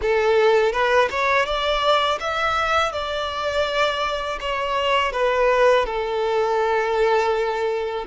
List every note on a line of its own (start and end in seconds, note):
0.01 0.72 A4
0.72 1.08 B4
1.10 1.45 C#5
1.45 2.19 D5
2.20 2.92 E5
2.92 4.38 D5
4.40 5.12 C#5
5.12 5.85 B4
5.85 8.05 A4